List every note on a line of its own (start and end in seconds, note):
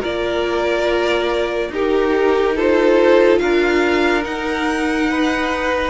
0.00 1.69 A#3
0.00 1.73 F4
0.00 1.69 A#4
0.00 1.73 D5
1.69 3.38 D#4
1.69 2.58 D#4
1.69 2.56 G4
1.69 2.57 A#4
2.56 4.22 F4
2.56 3.41 A4
2.56 3.39 C5
3.39 4.26 D4
3.39 5.10 A#4
3.39 4.23 F5
4.22 5.90 D#4
4.22 5.90 F#5
5.10 5.90 B4